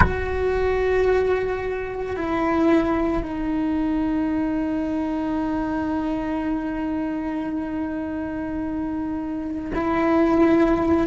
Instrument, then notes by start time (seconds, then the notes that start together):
cello
0.00 F#4
2.16 E4
3.22 D#4
9.74 E4